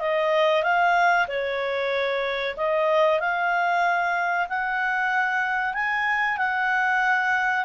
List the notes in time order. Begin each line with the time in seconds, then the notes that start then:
0.00 D#5
0.63 F5
1.28 C#5
2.57 D#5
3.20 F5
4.49 F#5
5.74 G#5
6.38 F#5